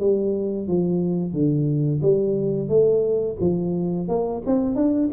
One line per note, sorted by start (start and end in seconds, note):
0.00 0.68 G3
0.68 1.33 F3
1.33 2.01 D3
2.02 2.69 G3
2.69 3.37 A3
3.40 4.08 F3
4.08 4.43 A#3
4.46 4.75 C4
4.75 5.10 D4